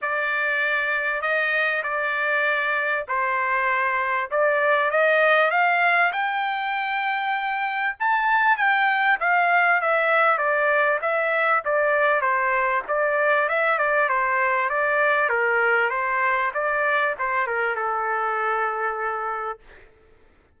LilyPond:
\new Staff \with { instrumentName = "trumpet" } { \time 4/4 \tempo 4 = 98 d''2 dis''4 d''4~ | d''4 c''2 d''4 | dis''4 f''4 g''2~ | g''4 a''4 g''4 f''4 |
e''4 d''4 e''4 d''4 | c''4 d''4 e''8 d''8 c''4 | d''4 ais'4 c''4 d''4 | c''8 ais'8 a'2. | }